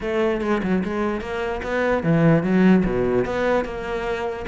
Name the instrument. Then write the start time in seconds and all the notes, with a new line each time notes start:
cello
0.01 A3
0.41 G#3
0.62 F#3
0.83 G#3
1.20 A#3
1.62 B3
2.03 E3
2.43 F#3
2.85 B2
3.25 B3
3.64 A#3